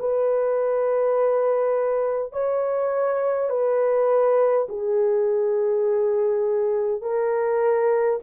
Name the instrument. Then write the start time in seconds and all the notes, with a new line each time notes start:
horn
0.00 B4
2.33 C#5
3.50 B4
4.69 G#4
7.02 A#4